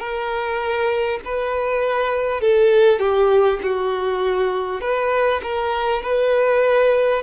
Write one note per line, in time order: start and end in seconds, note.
0.00 1.20 A#4
1.25 2.41 B4
2.41 2.99 A4
2.99 3.59 G4
3.63 4.81 F#4
4.81 5.41 B4
5.43 6.03 A#4
6.03 7.23 B4